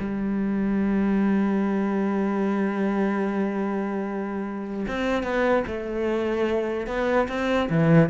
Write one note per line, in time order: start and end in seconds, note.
0.00 4.86 G3
4.88 5.23 C4
5.23 5.64 B3
5.67 6.87 A3
6.87 7.28 B3
7.29 7.69 C4
7.70 8.10 E3